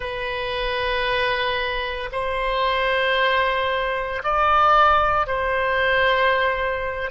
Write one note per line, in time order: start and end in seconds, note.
0.00 2.09 B4
2.11 4.22 C5
4.23 5.26 D5
5.26 7.10 C5